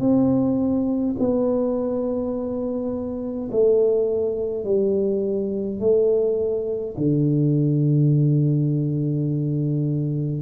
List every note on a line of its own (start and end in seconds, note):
0.00 1.15 C4
1.19 3.50 B3
3.51 4.65 A3
4.65 5.80 G3
5.80 6.95 A3
6.98 10.42 D3